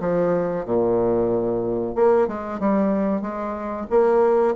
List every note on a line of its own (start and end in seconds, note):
0.00 0.65 F3
0.65 1.95 A#2
1.95 2.27 A#3
2.27 2.60 G#3
2.60 3.22 G3
3.22 3.87 G#3
3.90 4.55 A#3